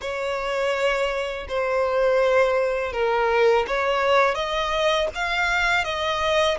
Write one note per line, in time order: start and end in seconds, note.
0.01 1.47 C#5
1.48 2.92 C5
2.92 3.65 A#4
3.67 4.34 C#5
4.34 5.08 D#5
5.14 5.84 F5
5.84 6.57 D#5